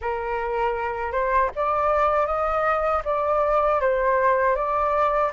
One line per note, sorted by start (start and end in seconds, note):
0.01 1.12 A#4
1.12 1.50 C5
1.55 2.26 D5
2.26 3.02 D#5
3.04 3.80 D5
3.80 4.55 C5
4.55 5.31 D5